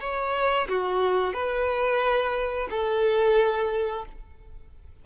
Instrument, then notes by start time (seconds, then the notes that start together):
violin
0.00 C#5
0.68 F#4
1.33 B4
2.70 A4